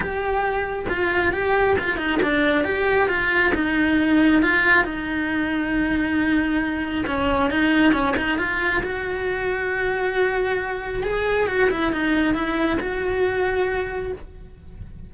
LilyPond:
\new Staff \with { instrumentName = "cello" } { \time 4/4 \tempo 4 = 136 g'2 f'4 g'4 | f'8 dis'8 d'4 g'4 f'4 | dis'2 f'4 dis'4~ | dis'1 |
cis'4 dis'4 cis'8 dis'8 f'4 | fis'1~ | fis'4 gis'4 fis'8 e'8 dis'4 | e'4 fis'2. | }